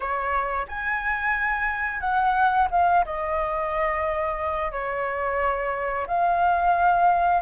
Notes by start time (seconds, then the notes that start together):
0.00 C#5
0.68 G#5
2.00 F#5
2.71 F5
3.05 D#5
4.71 C#5
6.07 F5